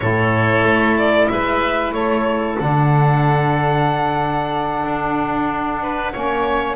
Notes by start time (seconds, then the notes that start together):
0.00 A2 E4 A4 C#5
0.63 A3
0.97 D5
1.28 G#3 B4 E5
1.92 A3 A4 C#5
2.58 D3 D4 F#5
4.84 D4
5.82 B4
6.12 A#3 C#4 C#5